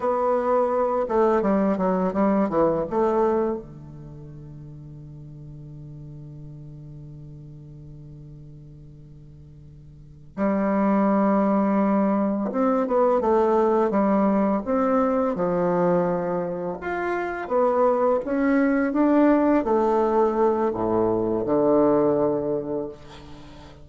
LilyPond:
\new Staff \with { instrumentName = "bassoon" } { \time 4/4 \tempo 4 = 84 b4. a8 g8 fis8 g8 e8 | a4 d2.~ | d1~ | d2~ d8 g4.~ |
g4. c'8 b8 a4 g8~ | g8 c'4 f2 f'8~ | f'8 b4 cis'4 d'4 a8~ | a4 a,4 d2 | }